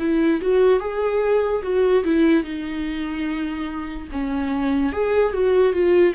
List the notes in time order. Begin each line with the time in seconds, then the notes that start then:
0.00 E4
0.42 F#4
0.80 G#4
1.63 F#4
2.05 E4
2.44 D#4
4.12 C#4
4.93 G#4
5.33 F#4
5.73 F4